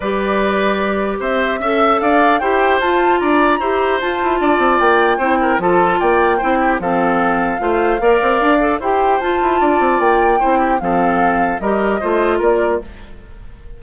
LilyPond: <<
  \new Staff \with { instrumentName = "flute" } { \time 4/4 \tempo 4 = 150 d''2. e''4~ | e''4 f''4 g''4 a''4 | ais''2 a''2 | g''2 a''4 g''4~ |
g''4 f''2.~ | f''2 g''4 a''4~ | a''4 g''2 f''4~ | f''4 dis''2 d''4 | }
  \new Staff \with { instrumentName = "oboe" } { \time 4/4 b'2. c''4 | e''4 d''4 c''2 | d''4 c''2 d''4~ | d''4 c''8 ais'8 a'4 d''4 |
c''8 g'8 a'2 c''4 | d''2 c''2 | d''2 c''8 g'8 a'4~ | a'4 ais'4 c''4 ais'4 | }
  \new Staff \with { instrumentName = "clarinet" } { \time 4/4 g'1 | a'2 g'4 f'4~ | f'4 g'4 f'2~ | f'4 e'4 f'2 |
e'4 c'2 f'4 | ais'4. a'8 g'4 f'4~ | f'2 e'4 c'4~ | c'4 g'4 f'2 | }
  \new Staff \with { instrumentName = "bassoon" } { \time 4/4 g2. c'4 | cis'4 d'4 e'4 f'4 | d'4 e'4 f'8 e'8 d'8 c'8 | ais4 c'4 f4 ais4 |
c'4 f2 a4 | ais8 c'8 d'4 e'4 f'8 e'8 | d'8 c'8 ais4 c'4 f4~ | f4 g4 a4 ais4 | }
>>